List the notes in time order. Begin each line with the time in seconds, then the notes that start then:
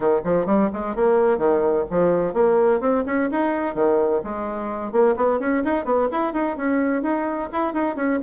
0.00 D#3
0.24 F3
0.46 G3
0.73 G#3
0.95 A#3
1.37 D#3
1.90 F3
2.33 A#3
2.80 C4
3.06 C#4
3.31 D#4
3.74 D#3
4.23 G#3
4.92 A#3
5.16 B3
5.39 C#4
5.64 D#4
5.85 B3
6.11 E4
6.33 D#4
6.56 C#4
7.02 D#4
7.52 E4
7.73 D#4
7.96 C#4